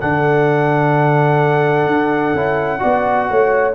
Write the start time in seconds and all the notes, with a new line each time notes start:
0.00 D3 D4 A4 F#5
1.87 D4
2.34 C#4 E4
2.79 B3 F#4 D5
3.30 A3 C#5